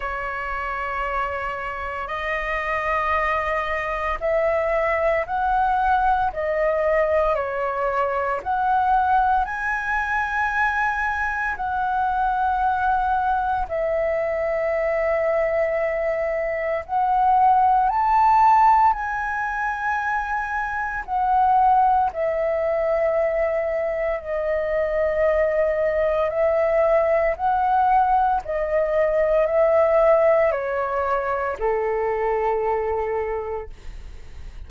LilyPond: \new Staff \with { instrumentName = "flute" } { \time 4/4 \tempo 4 = 57 cis''2 dis''2 | e''4 fis''4 dis''4 cis''4 | fis''4 gis''2 fis''4~ | fis''4 e''2. |
fis''4 a''4 gis''2 | fis''4 e''2 dis''4~ | dis''4 e''4 fis''4 dis''4 | e''4 cis''4 a'2 | }